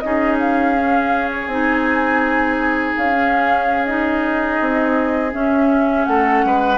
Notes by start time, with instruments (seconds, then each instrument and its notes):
0.00 bassoon C#4, clarinet D#4, oboe G#4, flute D#5
0.39 flute F5
0.78 clarinet C#4
1.32 flute C#5
1.47 bassoon C4, clarinet D#4, flute G#5
2.97 bassoon C#4, flute F5
3.14 clarinet C#4
3.86 clarinet D#4, flute D#5
4.61 bassoon C4
5.31 clarinet C#4, bassoon C#4, flute E5
6.05 bassoon A3, oboe A4, flute F#5
6.45 bassoon G#3, oboe B4